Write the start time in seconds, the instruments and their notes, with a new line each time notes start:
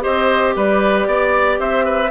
0.00 bassoon C4, clarinet G4, oboe C5, flute D#5
0.56 bassoon G3, oboe B4, flute D5
1.06 bassoon B3, oboe D5
1.58 bassoon C4, oboe C5, flute E5
1.85 oboe B4